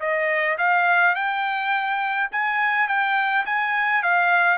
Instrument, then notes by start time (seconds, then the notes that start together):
trumpet
0.00 D#5
0.58 F5
1.15 G5
2.32 G#5
2.88 G5
3.46 G#5
4.03 F5